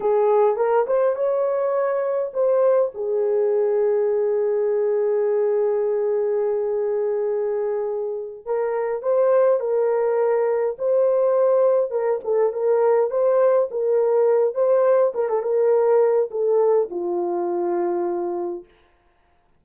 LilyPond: \new Staff \with { instrumentName = "horn" } { \time 4/4 \tempo 4 = 103 gis'4 ais'8 c''8 cis''2 | c''4 gis'2.~ | gis'1~ | gis'2~ gis'8 ais'4 c''8~ |
c''8 ais'2 c''4.~ | c''8 ais'8 a'8 ais'4 c''4 ais'8~ | ais'4 c''4 ais'16 a'16 ais'4. | a'4 f'2. | }